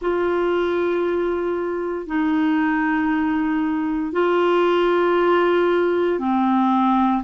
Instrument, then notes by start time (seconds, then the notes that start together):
clarinet
0.01 F4
2.06 D#4
4.12 F4
6.19 C4